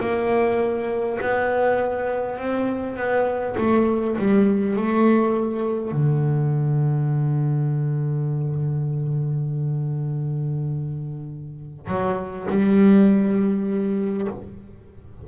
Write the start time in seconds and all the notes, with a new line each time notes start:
0.00 A#3
1.22 B3
2.38 C4
2.96 B3
3.58 A3
4.18 G3
4.76 A3
5.92 D3
11.87 F#3
12.50 G3